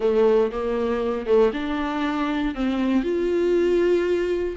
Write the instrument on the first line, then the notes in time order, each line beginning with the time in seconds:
viola
0.00 A3
0.51 A#3
1.26 A3
1.53 D4
2.54 C4
3.03 F4